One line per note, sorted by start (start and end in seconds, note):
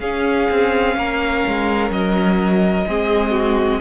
0.00 0.49 C#4
0.00 2.87 C#4
0.00 0.95 G#4
0.00 1.91 F5
0.51 0.97 C4
0.97 1.44 A#3
0.97 2.87 A#4
1.48 1.90 G#3
1.90 2.86 F#3
1.90 3.82 D#5
2.87 3.82 G#3
2.87 3.82 C4
2.87 3.32 G#4
3.32 3.79 F#4